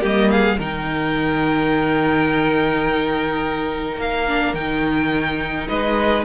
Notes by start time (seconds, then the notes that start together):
0.00 G3 A#3 G4 D#5
0.31 G#4 F5
0.58 D#3 D#4 A#4 G5
3.97 A#3 F5
4.28 D4
4.54 D#3 D#4 G5
5.68 G#3 B4 D#5